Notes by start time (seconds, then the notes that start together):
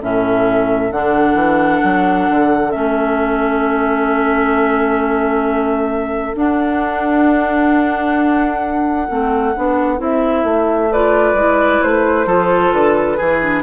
0.00 A2 C#4 A4 E5
0.92 D3 D4 F#5
1.34 E3
1.84 F#3
2.30 D3
2.71 A3 C#4 E5
6.35 D4 F#5
9.09 A3 C4
9.56 B3 D4
9.98 C4 E4 E5
10.44 A3
10.92 F4 B4 D5
11.34 G#3 E4
11.83 A3 C5
12.26 F3 F4 A4
12.73 D3 B4
13.18 E3 E4 G#4
13.43 D4